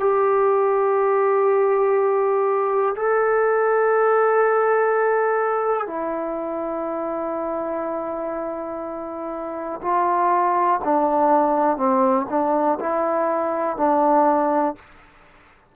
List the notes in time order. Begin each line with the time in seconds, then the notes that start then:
0.00 G4
2.96 A4
5.87 E4
9.82 F4
10.85 D4
11.78 C4
12.30 D4
12.80 E4
13.77 D4